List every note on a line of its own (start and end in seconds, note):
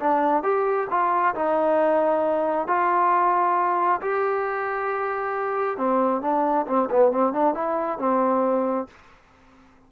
0.00 0.44 D4
0.44 0.88 G4
0.91 1.35 F4
1.36 2.68 D#4
2.68 4.01 F4
4.02 5.78 G4
5.78 6.22 C4
6.22 6.66 D4
6.67 6.89 C4
6.91 7.12 B3
7.12 7.34 C4
7.34 7.55 D4
7.55 7.99 E4
7.99 8.88 C4